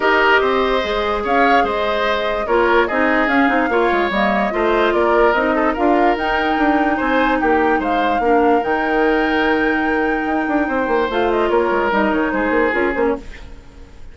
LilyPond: <<
  \new Staff \with { instrumentName = "flute" } { \time 4/4 \tempo 4 = 146 dis''2. f''4 | dis''2 cis''4 dis''4 | f''2 dis''2 | d''4 dis''4 f''4 g''4~ |
g''4 gis''4 g''4 f''4~ | f''4 g''2.~ | g''2. f''8 dis''8 | cis''4 dis''8 cis''8 c''4 ais'8 c''16 cis''16 | }
  \new Staff \with { instrumentName = "oboe" } { \time 4/4 ais'4 c''2 cis''4 | c''2 ais'4 gis'4~ | gis'4 cis''2 c''4 | ais'4. a'8 ais'2~ |
ais'4 c''4 g'4 c''4 | ais'1~ | ais'2 c''2 | ais'2 gis'2 | }
  \new Staff \with { instrumentName = "clarinet" } { \time 4/4 g'2 gis'2~ | gis'2 f'4 dis'4 | cis'8 dis'8 f'4 ais4 f'4~ | f'4 dis'4 f'4 dis'4~ |
dis'1 | d'4 dis'2.~ | dis'2. f'4~ | f'4 dis'2 f'8 cis'8 | }
  \new Staff \with { instrumentName = "bassoon" } { \time 4/4 dis'4 c'4 gis4 cis'4 | gis2 ais4 c'4 | cis'8 c'8 ais8 gis8 g4 a4 | ais4 c'4 d'4 dis'4 |
d'4 c'4 ais4 gis4 | ais4 dis2.~ | dis4 dis'8 d'8 c'8 ais8 a4 | ais8 gis8 g8 dis8 gis8 ais8 cis'8 ais8 | }
>>